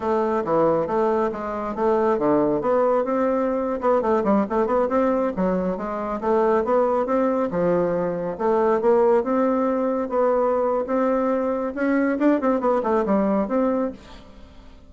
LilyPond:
\new Staff \with { instrumentName = "bassoon" } { \time 4/4 \tempo 4 = 138 a4 e4 a4 gis4 | a4 d4 b4 c'4~ | c'8. b8 a8 g8 a8 b8 c'8.~ | c'16 fis4 gis4 a4 b8.~ |
b16 c'4 f2 a8.~ | a16 ais4 c'2 b8.~ | b4 c'2 cis'4 | d'8 c'8 b8 a8 g4 c'4 | }